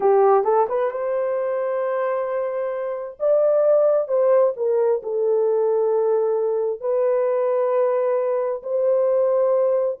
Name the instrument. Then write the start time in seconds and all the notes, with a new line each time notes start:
horn
0.00 G4
0.44 A4
0.68 B4
0.90 C5
3.19 D5
4.07 C5
4.56 A#4
5.02 A4
6.80 B4
8.62 C5